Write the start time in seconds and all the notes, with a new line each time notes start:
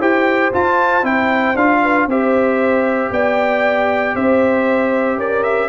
0.00 E4 G4 C5 G5
0.53 F4 A5
1.03 C4 E4 G5
1.55 D4 F4 F5
1.82 B4
2.07 C4 G4 C5 E5
3.11 B3 D5 G5
4.15 C4 C5 E5
5.17 C#4 A#4 D5
5.44 E5